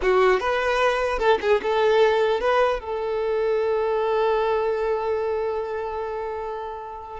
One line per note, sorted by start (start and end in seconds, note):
0.01 0.40 F#4
0.40 1.19 B4
1.19 1.39 A4
1.41 1.61 G#4
1.62 2.40 A4
2.40 2.79 B4
2.79 7.19 A4